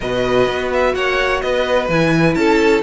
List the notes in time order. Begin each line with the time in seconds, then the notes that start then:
0.00 B2 F#4 B4 D#5
0.47 B3
0.72 E5
0.94 A#3 C#5 F#5
1.41 B3 B4 D#5
1.88 E3 E4 G#5
2.34 C#4 A4 A5